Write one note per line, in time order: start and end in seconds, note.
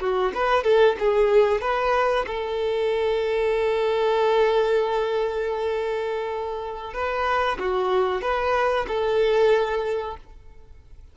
0.00 0.32 F#4
0.34 0.64 B4
0.64 0.96 A4
0.99 1.61 G#4
1.61 2.26 B4
2.27 6.93 A4
6.93 7.58 B4
7.59 8.21 F#4
8.21 8.86 B4
8.87 10.16 A4